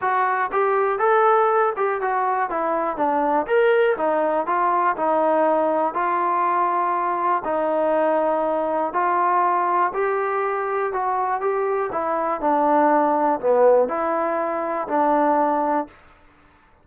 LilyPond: \new Staff \with { instrumentName = "trombone" } { \time 4/4 \tempo 4 = 121 fis'4 g'4 a'4. g'8 | fis'4 e'4 d'4 ais'4 | dis'4 f'4 dis'2 | f'2. dis'4~ |
dis'2 f'2 | g'2 fis'4 g'4 | e'4 d'2 b4 | e'2 d'2 | }